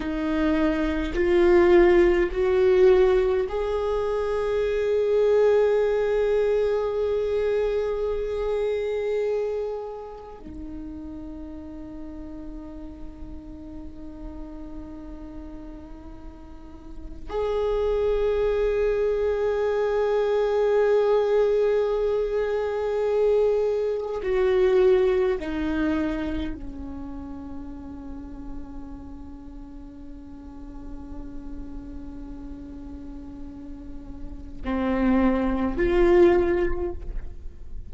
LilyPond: \new Staff \with { instrumentName = "viola" } { \time 4/4 \tempo 4 = 52 dis'4 f'4 fis'4 gis'4~ | gis'1~ | gis'4 dis'2.~ | dis'2. gis'4~ |
gis'1~ | gis'4 fis'4 dis'4 cis'4~ | cis'1~ | cis'2 c'4 f'4 | }